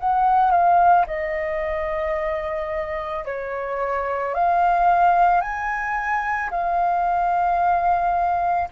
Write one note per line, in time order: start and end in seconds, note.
0.00 0.52 F#5
0.52 1.06 F5
1.07 3.25 D#5
3.26 4.35 C#5
4.35 5.41 F5
5.41 6.51 G#5
6.51 8.69 F5